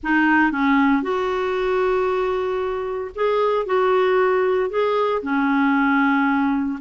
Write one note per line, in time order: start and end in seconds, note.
0.03 0.51 D#4
0.51 1.02 C#4
1.02 3.11 F#4
3.15 3.65 G#4
3.65 4.70 F#4
4.70 5.22 G#4
5.22 6.79 C#4